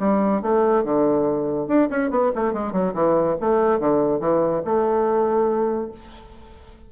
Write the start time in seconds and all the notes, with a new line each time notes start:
0.00 G3
0.42 A3
0.84 D3
1.68 D4
1.90 C#4
2.11 B3
2.36 A3
2.54 G#3
2.73 F#3
2.94 E3
3.41 A3
3.80 D3
4.20 E3
4.65 A3